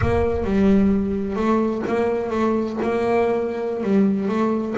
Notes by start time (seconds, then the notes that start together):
0.01 A#3
0.44 G3
1.36 A3
1.87 A#3
2.30 A3
2.82 A#3
3.83 G3
4.28 A3